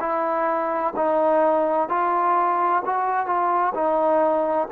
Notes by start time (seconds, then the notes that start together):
0.00 E4
0.96 D#4
1.88 F4
2.85 F#4
3.26 F4
3.74 D#4